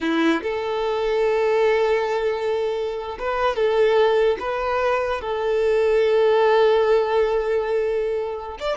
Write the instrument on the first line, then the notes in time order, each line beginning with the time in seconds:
violin
0.01 E4
0.42 A4
3.19 B4
3.56 A4
4.39 B4
5.21 A4
8.59 D5